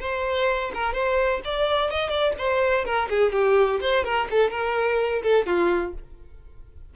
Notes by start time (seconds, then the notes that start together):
0.00 C5
0.74 A#4
0.93 C5
1.44 D5
1.90 D#5
2.09 D5
2.38 C5
2.85 A#4
3.09 G#4
3.32 G4
3.81 C5
4.04 A#4
4.30 A4
4.50 A#4
5.23 A4
5.46 F4